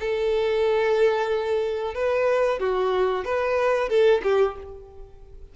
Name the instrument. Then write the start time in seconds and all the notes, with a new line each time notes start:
violin
0.00 A4
1.94 B4
2.60 F#4
3.25 B4
3.89 A4
4.23 G4